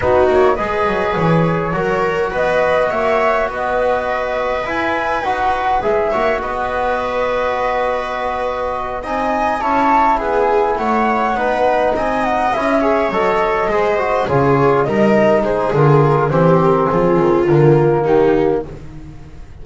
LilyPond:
<<
  \new Staff \with { instrumentName = "flute" } { \time 4/4 \tempo 4 = 103 b'8 cis''8 dis''4 cis''2 | dis''4 e''4 dis''2 | gis''4 fis''4 e''4 dis''4~ | dis''2.~ dis''8 gis''8~ |
gis''8 a''4 gis''4 fis''4.~ | fis''8 gis''8 fis''8 e''4 dis''4.~ | dis''8 cis''4 dis''4 c''8 ais'4 | c''8 ais'8 gis'4 ais'4 g'4 | }
  \new Staff \with { instrumentName = "viola" } { \time 4/4 fis'4 b'2 ais'4 | b'4 cis''4 b'2~ | b'2~ b'8 cis''8 b'4~ | b'2.~ b'8 dis''8~ |
dis''8 cis''4 gis'4 cis''4 b'8~ | b'8 dis''4. cis''4. c''8~ | c''8 gis'4 ais'4 gis'4. | g'4 f'2 dis'4 | }
  \new Staff \with { instrumentName = "trombone" } { \time 4/4 dis'4 gis'2 fis'4~ | fis'1 | e'4 fis'4 gis'8 fis'4.~ | fis'2.~ fis'8 dis'8~ |
dis'8 e'2. dis'8~ | dis'4. e'8 gis'8 a'4 gis'8 | fis'8 f'4 dis'4. f'4 | c'2 ais2 | }
  \new Staff \with { instrumentName = "double bass" } { \time 4/4 b8 ais8 gis8 fis8 e4 fis4 | b4 ais4 b2 | e'4 dis'4 gis8 ais8 b4~ | b2.~ b8 c'8~ |
c'8 cis'4 b4 a4 b8~ | b8 c'4 cis'4 fis4 gis8~ | gis8 cis4 g4 gis8 d4 | e4 f8 dis8 d4 dis4 | }
>>